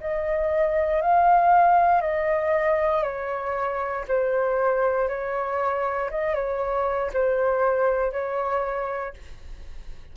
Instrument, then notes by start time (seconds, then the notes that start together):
flute
0.00 D#5
1.01 F5
2.01 D#5
3.02 C#5
4.08 C5
5.08 C#5
6.10 D#5
6.34 C#5
7.13 C5
8.12 C#5